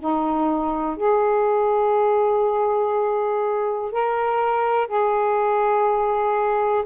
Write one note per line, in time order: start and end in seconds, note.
0.00 0.97 D#4
0.97 3.92 G#4
3.93 4.88 A#4
4.88 6.85 G#4